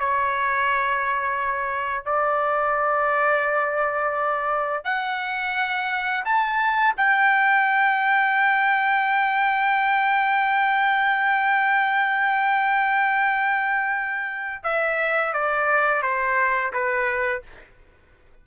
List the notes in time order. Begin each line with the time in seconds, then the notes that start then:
0.00 C#5
2.05 D5
4.85 F#5
6.25 A5
6.97 G5
14.64 E5
15.33 D5
16.03 C5
16.73 B4